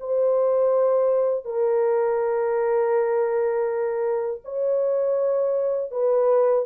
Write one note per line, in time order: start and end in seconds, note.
0.00 1.45 C5
1.45 4.41 A#4
4.44 5.91 C#5
5.91 6.65 B4